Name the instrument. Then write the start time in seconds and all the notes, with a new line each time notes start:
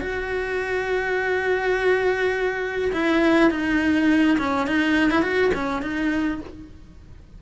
cello
0.00 F#4
2.92 E4
3.50 D#4
4.38 C#4
4.66 D#4
5.10 E4
5.22 F#4
5.54 C#4
5.82 D#4